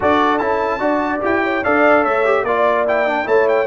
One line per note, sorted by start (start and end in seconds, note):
0.00 0.40 D4
0.00 0.40 F#4
0.00 0.80 A4
0.00 0.38 D5
0.38 0.79 C#4
0.38 0.79 E4
0.38 1.20 A5
0.79 1.20 D4
0.79 1.20 F#4
0.79 1.42 D5
1.21 1.64 E4
1.21 1.62 G4
1.21 1.64 G5
1.43 1.63 C#5
1.63 2.05 D4
1.63 2.25 A4
1.63 2.03 D5
1.63 2.04 F5
2.03 2.43 A3
2.03 2.43 C#5
2.03 2.44 E5
2.25 2.45 G4
2.43 3.24 A#3
2.43 2.87 F4
2.43 2.85 D5
2.43 3.26 D5
2.87 3.06 E4
2.87 3.27 G5
3.06 3.24 D4
3.24 3.66 A3
3.24 3.65 E4
3.24 3.66 C#5
3.24 3.48 A5
3.48 3.66 G5